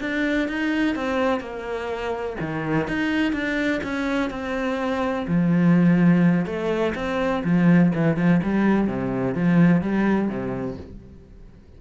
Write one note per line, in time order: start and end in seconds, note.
0.00 0.48 D4
0.48 0.96 D#4
0.96 1.40 C4
1.40 2.36 A#3
2.40 2.88 D#3
2.88 3.32 D#4
3.32 3.80 D4
3.83 4.30 C#4
4.30 5.26 C4
5.27 6.46 F3
6.46 6.94 A3
6.95 7.43 C4
7.44 7.92 F3
7.95 8.16 E3
8.16 8.40 F3
8.43 8.88 G3
8.88 9.34 C3
9.34 9.81 F3
9.81 10.29 G3
10.29 10.77 C3